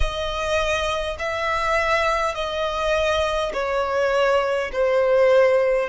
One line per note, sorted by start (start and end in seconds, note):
0.00 1.17 D#5
1.18 2.34 E5
2.34 3.52 D#5
3.53 4.71 C#5
4.72 5.89 C5